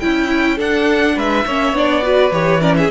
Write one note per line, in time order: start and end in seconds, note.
0.00 0.60 C#4
0.00 0.56 E4
0.00 0.58 E4
0.00 0.58 G5
0.56 1.46 D4
0.56 1.16 D4
0.56 1.14 A4
0.56 1.19 F#5
1.16 1.45 G#3
1.16 1.46 B4
1.16 1.77 E5
1.46 1.73 A#3
1.46 1.76 C#4
1.46 2.04 C#5
1.73 2.31 B3
1.73 2.02 D4
1.73 2.33 D5
2.02 2.31 F#4
2.02 2.61 B4
2.32 2.90 E3
2.32 2.61 G4
2.32 2.61 C#5
2.61 2.90 C#4
2.61 2.75 A#4
2.61 2.76 D5
2.77 2.91 G#4
2.77 2.91 E5